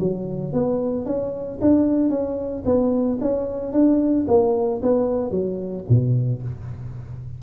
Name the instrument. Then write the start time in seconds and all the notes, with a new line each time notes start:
tuba
0.00 F#3
0.53 B3
1.06 C#4
1.61 D4
2.10 C#4
2.65 B3
3.21 C#4
3.73 D4
4.28 A#3
4.82 B3
5.31 F#3
5.89 B2